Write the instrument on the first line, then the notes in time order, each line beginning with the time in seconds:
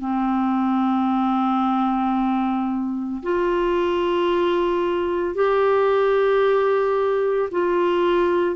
clarinet
0.00 C4
3.22 F4
5.34 G4
7.50 F4